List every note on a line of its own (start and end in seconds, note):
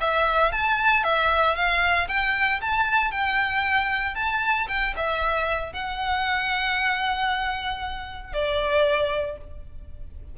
0.00 0.52 E5
0.52 1.03 A5
1.03 1.55 E5
1.55 2.08 F5
2.08 2.60 G5
2.61 3.11 A5
3.11 4.15 G5
4.15 4.67 A5
4.68 4.94 G5
4.96 5.72 E5
5.72 8.33 F#5
8.33 9.37 D5